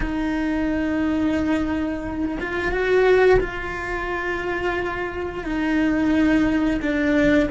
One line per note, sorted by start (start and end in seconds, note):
0.00 2.38 D#4
2.40 2.71 F4
2.71 3.39 F#4
3.40 5.44 F4
5.44 6.80 D#4
6.81 7.49 D4